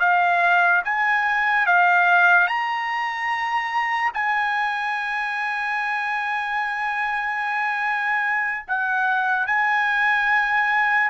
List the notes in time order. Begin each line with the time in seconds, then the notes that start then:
0.00 F5
0.84 G#5
1.66 F5
2.48 A#5
4.14 G#5
8.67 F#5
9.47 G#5